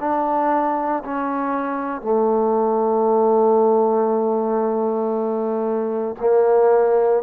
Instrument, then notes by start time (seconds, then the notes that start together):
trombone
0.00 D4
1.05 C#4
2.02 A3
6.20 A#3